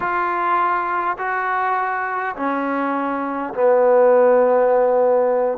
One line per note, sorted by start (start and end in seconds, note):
0.00 1.17 F4
1.18 2.35 F#4
2.36 3.53 C#4
3.53 5.58 B3